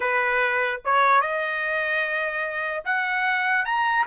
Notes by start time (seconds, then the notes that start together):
0.00 B4
0.85 C#5
1.21 D#5
2.84 F#5
3.65 A#5